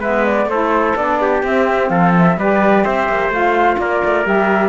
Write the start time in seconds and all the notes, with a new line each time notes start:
0.00 G#3 B3 B4 E5
0.25 D5
0.46 A3 E4 A4 C5
0.96 B3 D4 D5
1.21 G4
1.43 C4 E5
1.89 F3 A4 F5
2.18 E5
2.37 G3 G4 B4 D5
2.84 C4 C5 E5
3.09 A#3
3.29 A3 F4 F5
3.78 A#3 A#4 D5
4.04 A3
4.24 G3 G4 E5